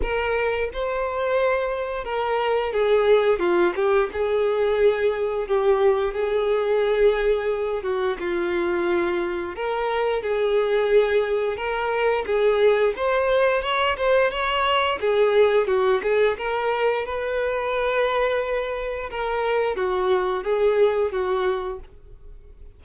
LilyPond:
\new Staff \with { instrumentName = "violin" } { \time 4/4 \tempo 4 = 88 ais'4 c''2 ais'4 | gis'4 f'8 g'8 gis'2 | g'4 gis'2~ gis'8 fis'8 | f'2 ais'4 gis'4~ |
gis'4 ais'4 gis'4 c''4 | cis''8 c''8 cis''4 gis'4 fis'8 gis'8 | ais'4 b'2. | ais'4 fis'4 gis'4 fis'4 | }